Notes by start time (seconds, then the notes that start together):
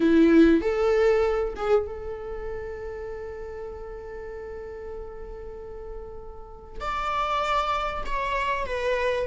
0.00 E4
0.61 A4
1.55 G#4
1.87 A4
6.80 D5
8.05 C#5
8.66 B4